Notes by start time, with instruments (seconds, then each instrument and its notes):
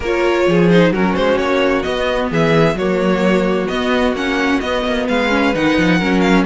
0.00 cello A#3, viola F4, violin A#4 C#5
0.47 cello F3, violin G#4
0.69 viola D#4, violin C5
0.91 cello F#3, viola C#4, violin F#4 A#4
1.15 cello G#3, violin C5
1.38 cello A#3, violin C#5
1.82 viola B3, cello B3, violin D#5
2.30 cello E3, violin G#4 E5
2.74 cello F#3, violin F#4 C#5
2.80 viola A#3
3.67 viola B3, cello B3, violin D#5
4.12 cello A#3, viola C#4, violin F#5
4.60 cello B3, viola B3, violin D#5
4.84 cello A#3
5.07 cello G#3, violin B4 F5
5.29 viola C#4
5.54 cello D#3, viola D#4, violin F#5
5.78 cello F3
5.98 cello F#3, viola C#4, violin A#4
6.20 violin F5